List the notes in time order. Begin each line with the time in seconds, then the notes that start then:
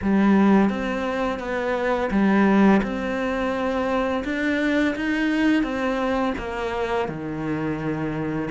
0.02 G3
0.69 C4
1.39 B3
2.10 G3
2.82 C4
4.24 D4
4.95 D#4
5.63 C4
6.38 A#3
7.08 D#3